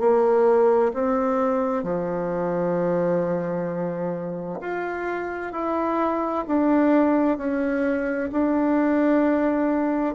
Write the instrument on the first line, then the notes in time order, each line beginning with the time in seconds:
bassoon
0.00 A#3
0.94 C4
1.83 F3
4.61 F4
5.53 E4
6.47 D4
7.38 C#4
8.32 D4